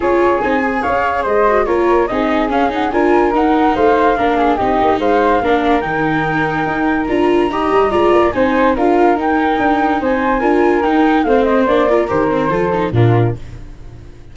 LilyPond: <<
  \new Staff \with { instrumentName = "flute" } { \time 4/4 \tempo 4 = 144 cis''4 gis''4 f''4 dis''4 | cis''4 dis''4 f''8 fis''8 gis''4 | fis''4 f''2 dis''4 | f''2 g''2~ |
g''4 ais''2. | gis''4 f''4 g''2 | gis''2 g''4 f''8 dis''8 | d''4 c''2 ais'4 | }
  \new Staff \with { instrumentName = "flute" } { \time 4/4 gis'2 cis''4 c''4 | ais'4 gis'2 ais'4~ | ais'4 c''4 ais'8 gis'8 g'4 | c''4 ais'2.~ |
ais'2 dis''4 d''4 | c''4 ais'2. | c''4 ais'2 c''4~ | c''8 ais'4. a'4 f'4 | }
  \new Staff \with { instrumentName = "viola" } { \time 4/4 f'4 dis'8 gis'2 fis'8 | f'4 dis'4 cis'8 dis'8 f'4 | dis'2 d'4 dis'4~ | dis'4 d'4 dis'2~ |
dis'4 f'4 g'4 f'4 | dis'4 f'4 dis'2~ | dis'4 f'4 dis'4 c'4 | d'8 f'8 g'8 c'8 f'8 dis'8 d'4 | }
  \new Staff \with { instrumentName = "tuba" } { \time 4/4 cis'4 c'4 cis'4 gis4 | ais4 c'4 cis'4 d'4 | dis'4 a4 ais4 c'8 ais8 | gis4 ais4 dis2 |
dis'4 d'4 dis'8 g8 gis8 ais8 | c'4 d'4 dis'4 d'4 | c'4 d'4 dis'4 a4 | ais4 dis4 f4 ais,4 | }
>>